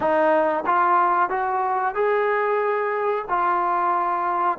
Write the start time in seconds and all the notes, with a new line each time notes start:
0.00 D#4
0.66 F4
1.29 F#4
1.94 G#4
3.28 F4